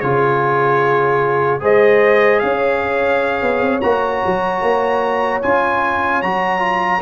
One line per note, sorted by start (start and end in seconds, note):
0.00 1.61 C#3
0.00 1.60 F4
0.00 1.61 G#4
0.00 1.60 C#5
1.60 2.41 G#3
1.60 3.80 G#4
1.60 2.41 C5
1.60 2.39 D#5
2.39 3.42 C#4
2.39 7.01 C#5
2.39 3.79 F5
3.42 3.61 B3
3.61 3.81 C4
3.80 4.22 A#3
3.80 5.42 F#4
3.80 5.40 A#5
4.25 4.61 F#3
4.61 5.41 A#3
5.42 6.22 C#4
5.42 6.23 F4
5.42 6.22 G#5
6.22 7.01 F#3
6.22 6.58 F#4
6.22 7.01 A#5
6.58 6.98 F4